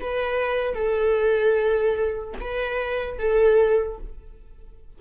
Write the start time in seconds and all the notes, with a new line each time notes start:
0.00 B4
0.75 A4
2.40 B4
3.18 A4